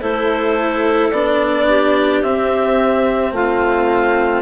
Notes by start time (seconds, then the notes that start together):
0.00 A3 E4 A4 C5
1.11 B3 D4 D5
1.68 G4
2.22 C4 E5
3.32 A3 F4 F5